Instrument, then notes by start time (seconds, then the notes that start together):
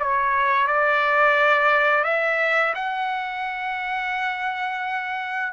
trumpet
0.00 C#5
0.68 D5
2.05 E5
2.75 F#5